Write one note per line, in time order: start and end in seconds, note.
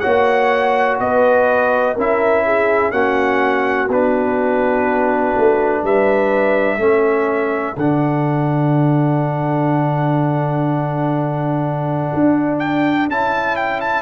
0.00 1.00 A#3
0.00 1.96 F#4
0.00 0.98 C#5
0.00 0.97 F#5
1.00 1.97 B3
1.00 1.95 B4
1.00 1.97 D#5
1.95 2.92 C#4
1.95 2.92 E4
1.95 2.43 A#4
1.95 2.92 E5
2.46 2.92 G#4
2.92 3.89 A#3
2.92 3.89 C#4
2.92 5.82 F#4
2.92 3.88 F#5
3.89 5.34 B3
3.89 6.79 D4
3.89 5.85 B4
5.37 5.83 A3
5.83 6.78 G3
5.83 6.78 B4
5.83 7.78 E5
6.78 7.75 A3
6.78 7.76 C#4
6.78 14.02 A4
7.77 12.12 D3
7.77 13.12 D4
7.77 12.59 F#5
12.14 13.09 D4
12.59 13.08 G5
13.09 14.02 C#4
13.09 14.02 E4
13.09 13.56 A5
13.56 13.81 G5
13.81 14.02 A5